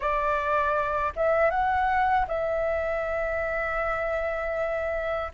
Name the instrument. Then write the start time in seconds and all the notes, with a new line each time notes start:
flute
0.00 D5
1.16 E5
1.50 F#5
2.28 E5